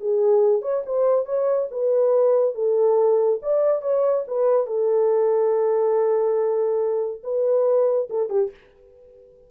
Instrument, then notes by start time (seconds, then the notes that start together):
horn
0.00 G#4
0.62 C#5
0.86 C5
1.26 C#5
1.71 B4
2.55 A4
3.42 D5
3.82 C#5
4.27 B4
4.66 A4
7.23 B4
8.10 A4
8.29 G4